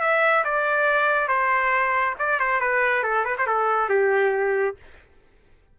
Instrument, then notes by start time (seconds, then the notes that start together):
trumpet
0.00 E5
0.44 D5
1.27 C5
2.19 D5
2.39 C5
2.60 B4
3.03 A4
3.25 B4
3.38 C5
3.47 A4
3.89 G4